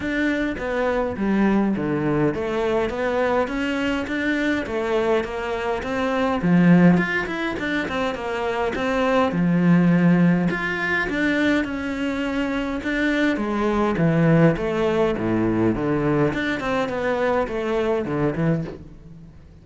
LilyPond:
\new Staff \with { instrumentName = "cello" } { \time 4/4 \tempo 4 = 103 d'4 b4 g4 d4 | a4 b4 cis'4 d'4 | a4 ais4 c'4 f4 | f'8 e'8 d'8 c'8 ais4 c'4 |
f2 f'4 d'4 | cis'2 d'4 gis4 | e4 a4 a,4 d4 | d'8 c'8 b4 a4 d8 e8 | }